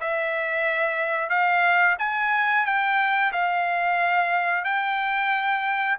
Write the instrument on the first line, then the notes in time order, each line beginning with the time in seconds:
trumpet
0.00 E5
1.29 F5
1.98 G#5
2.65 G5
3.32 F5
4.64 G5